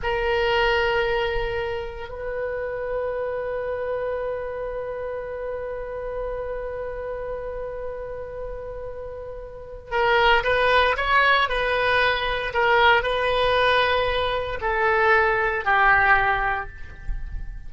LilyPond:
\new Staff \with { instrumentName = "oboe" } { \time 4/4 \tempo 4 = 115 ais'1 | b'1~ | b'1~ | b'1~ |
b'2. ais'4 | b'4 cis''4 b'2 | ais'4 b'2. | a'2 g'2 | }